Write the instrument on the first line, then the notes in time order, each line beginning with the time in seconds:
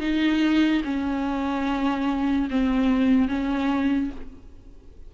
viola
0.00 D#4
0.84 C#4
2.50 C4
3.28 C#4